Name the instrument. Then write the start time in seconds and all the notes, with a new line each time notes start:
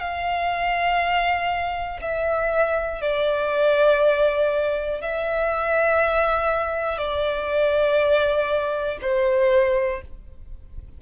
violin
0.00 F5
2.00 E5
3.00 D5
5.00 E5
6.97 D5
9.01 C5